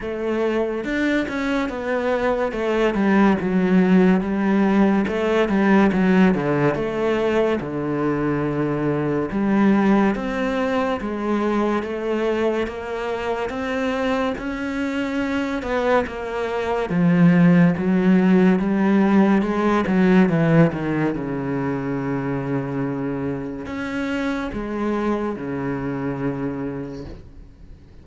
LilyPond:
\new Staff \with { instrumentName = "cello" } { \time 4/4 \tempo 4 = 71 a4 d'8 cis'8 b4 a8 g8 | fis4 g4 a8 g8 fis8 d8 | a4 d2 g4 | c'4 gis4 a4 ais4 |
c'4 cis'4. b8 ais4 | f4 fis4 g4 gis8 fis8 | e8 dis8 cis2. | cis'4 gis4 cis2 | }